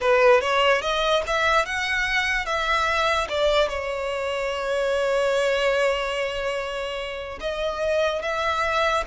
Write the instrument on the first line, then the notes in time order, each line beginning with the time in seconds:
violin
0.00 B4
0.41 C#5
0.81 D#5
1.26 E5
1.65 F#5
2.45 E5
3.28 D5
3.68 C#5
7.40 D#5
8.22 E5